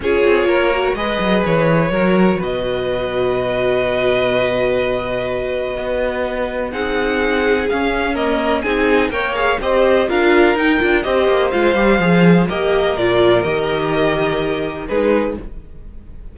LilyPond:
<<
  \new Staff \with { instrumentName = "violin" } { \time 4/4 \tempo 4 = 125 cis''2 dis''4 cis''4~ | cis''4 dis''2.~ | dis''1~ | dis''2 fis''2 |
f''4 dis''4 gis''4 g''8 f''8 | dis''4 f''4 g''4 dis''4 | f''2 dis''4 d''4 | dis''2. b'4 | }
  \new Staff \with { instrumentName = "violin" } { \time 4/4 gis'4 ais'4 b'2 | ais'4 b'2.~ | b'1~ | b'2 gis'2~ |
gis'4 ais'4 gis'4 cis''4 | c''4 ais'2 c''4~ | c''2 ais'2~ | ais'2. gis'4 | }
  \new Staff \with { instrumentName = "viola" } { \time 4/4 f'4. fis'8 gis'2 | fis'1~ | fis'1~ | fis'2 dis'2 |
cis'4 ais4 dis'4 ais'8 gis'8 | g'4 f'4 dis'8 f'8 g'4 | f'8 g'8 gis'4 g'4 f'4 | g'2. dis'4 | }
  \new Staff \with { instrumentName = "cello" } { \time 4/4 cis'8 c'8 ais4 gis8 fis8 e4 | fis4 b,2.~ | b,1 | b2 c'2 |
cis'2 c'4 ais4 | c'4 d'4 dis'8 d'8 c'8 ais8 | gis8 g8 f4 ais4 ais,4 | dis2. gis4 | }
>>